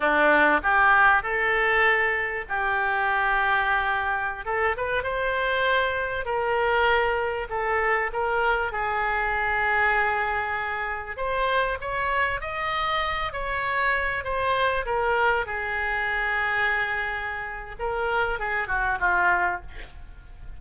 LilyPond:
\new Staff \with { instrumentName = "oboe" } { \time 4/4 \tempo 4 = 98 d'4 g'4 a'2 | g'2.~ g'16 a'8 b'16~ | b'16 c''2 ais'4.~ ais'16~ | ais'16 a'4 ais'4 gis'4.~ gis'16~ |
gis'2~ gis'16 c''4 cis''8.~ | cis''16 dis''4. cis''4. c''8.~ | c''16 ais'4 gis'2~ gis'8.~ | gis'4 ais'4 gis'8 fis'8 f'4 | }